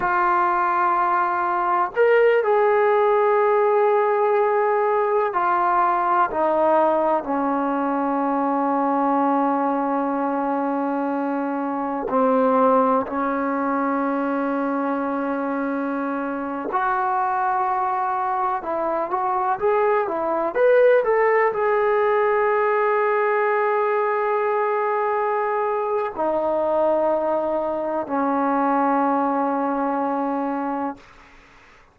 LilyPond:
\new Staff \with { instrumentName = "trombone" } { \time 4/4 \tempo 4 = 62 f'2 ais'8 gis'4.~ | gis'4. f'4 dis'4 cis'8~ | cis'1~ | cis'8 c'4 cis'2~ cis'8~ |
cis'4~ cis'16 fis'2 e'8 fis'16~ | fis'16 gis'8 e'8 b'8 a'8 gis'4.~ gis'16~ | gis'2. dis'4~ | dis'4 cis'2. | }